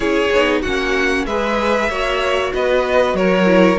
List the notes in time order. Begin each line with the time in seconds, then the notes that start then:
0.00 C#4 E4 G#4 C#5
0.31 B3 D#4
0.61 A#3 C#4 F#4 F#5
1.26 G#3 G#4 B4 E5
1.89 A#3 F#4 C#5
2.53 B3 B4 D#5
3.13 F#3 A#4 C#5
3.45 E4